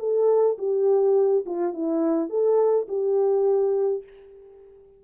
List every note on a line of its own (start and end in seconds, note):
0.00 0.58 A4
0.59 1.45 G4
1.46 1.74 F4
1.74 2.30 E4
2.30 2.87 A4
2.88 4.04 G4